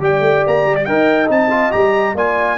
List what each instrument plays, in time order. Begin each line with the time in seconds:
0.00 tuba G3, trombone G4, horn D5, trumpet G5
0.20 tuba A3
0.47 tuba A#3, trumpet A#5
0.66 tuba G3
0.75 trumpet D5
0.85 tuba D#4, trombone A#4, horn D#5, trumpet G5
1.27 tuba C4, trombone D#4, trumpet A5
1.50 trombone F4
1.71 tuba G3, trombone G4, trumpet A#5
2.15 tuba A#3, trombone F4, horn D5, trumpet G#5